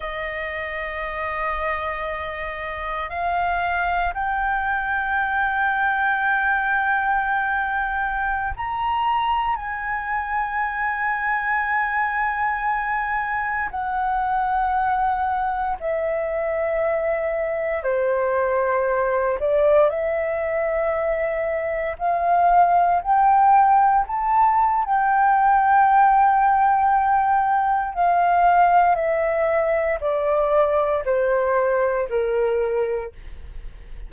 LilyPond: \new Staff \with { instrumentName = "flute" } { \time 4/4 \tempo 4 = 58 dis''2. f''4 | g''1~ | g''16 ais''4 gis''2~ gis''8.~ | gis''4~ gis''16 fis''2 e''8.~ |
e''4~ e''16 c''4. d''8 e''8.~ | e''4~ e''16 f''4 g''4 a''8. | g''2. f''4 | e''4 d''4 c''4 ais'4 | }